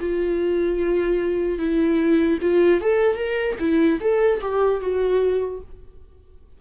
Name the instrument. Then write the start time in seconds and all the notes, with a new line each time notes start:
viola
0.00 F4
1.59 E4
2.41 F4
2.81 A4
3.16 A#4
3.59 E4
4.00 A4
4.41 G4
4.81 F#4